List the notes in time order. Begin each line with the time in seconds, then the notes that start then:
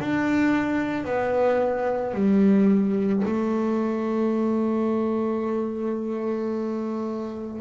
0.00 D4
1.05 B3
2.14 G3
3.25 A3